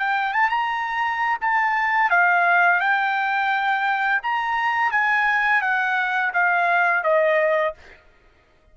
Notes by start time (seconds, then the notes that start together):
0.00 G5
0.33 A5
0.50 A#5
1.41 A5
2.10 F5
2.81 G5
4.23 A#5
4.92 G#5
5.62 F#5
6.34 F5
7.04 D#5